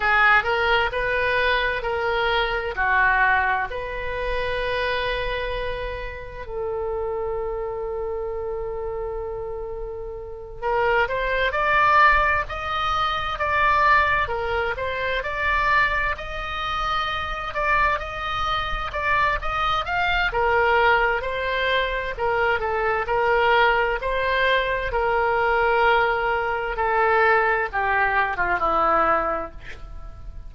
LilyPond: \new Staff \with { instrumentName = "oboe" } { \time 4/4 \tempo 4 = 65 gis'8 ais'8 b'4 ais'4 fis'4 | b'2. a'4~ | a'2.~ a'8 ais'8 | c''8 d''4 dis''4 d''4 ais'8 |
c''8 d''4 dis''4. d''8 dis''8~ | dis''8 d''8 dis''8 f''8 ais'4 c''4 | ais'8 a'8 ais'4 c''4 ais'4~ | ais'4 a'4 g'8. f'16 e'4 | }